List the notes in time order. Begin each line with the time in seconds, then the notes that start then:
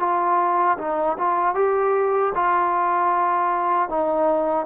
0.00 F4
0.78 D#4
1.18 F4
1.55 G4
2.35 F4
3.90 D#4